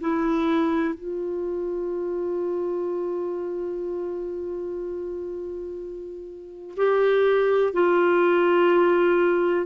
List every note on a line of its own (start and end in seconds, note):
0.00 0.94 E4
0.94 6.75 F4
6.77 7.73 G4
7.73 9.66 F4